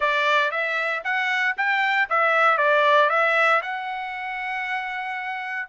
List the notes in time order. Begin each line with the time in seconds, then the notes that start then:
0.00 D5
0.51 E5
1.03 F#5
1.57 G5
2.09 E5
2.57 D5
3.09 E5
3.61 F#5